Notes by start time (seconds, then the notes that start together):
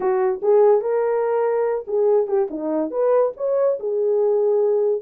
0.00 F#4
0.42 G#4
0.81 A#4
1.87 G#4
2.27 G4
2.50 D#4
2.90 B4
3.37 C#5
3.79 G#4